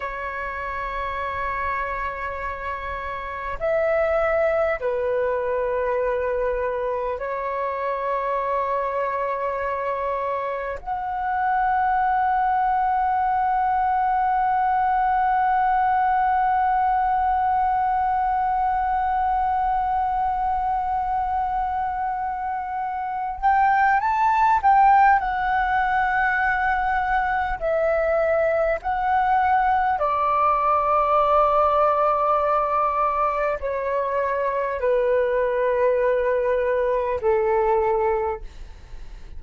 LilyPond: \new Staff \with { instrumentName = "flute" } { \time 4/4 \tempo 4 = 50 cis''2. e''4 | b'2 cis''2~ | cis''4 fis''2.~ | fis''1~ |
fis''2.~ fis''8 g''8 | a''8 g''8 fis''2 e''4 | fis''4 d''2. | cis''4 b'2 a'4 | }